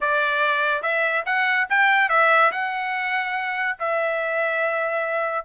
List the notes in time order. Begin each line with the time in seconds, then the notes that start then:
0.00 D5
0.82 E5
1.25 F#5
1.69 G5
2.09 E5
2.51 F#5
3.79 E5